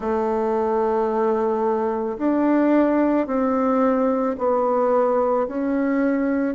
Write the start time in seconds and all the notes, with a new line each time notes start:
0.00 A3
2.18 D4
3.26 C4
4.38 B3
5.47 C#4